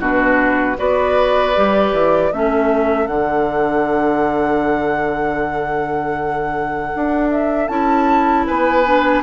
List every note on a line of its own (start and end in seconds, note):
0.00 0.77 B2
0.00 0.77 D4
0.00 0.78 F#4
0.00 0.79 B4
0.77 1.57 B3
0.77 1.54 F#4
0.77 2.32 B4
0.77 2.33 D5
1.56 1.94 G3
1.56 2.33 G4
1.94 2.32 E3
2.32 3.08 A3
2.32 3.10 C#4
2.32 8.47 A4
2.32 3.07 E5
3.07 6.93 D3
3.07 7.70 D4
3.07 7.30 F#5
6.96 7.69 D4
7.31 7.68 E5
7.68 8.46 C#4
7.68 8.85 E4
7.68 8.45 A5
8.47 9.23 B3
8.47 9.23 B4
8.47 9.23 G#5
8.86 9.23 D4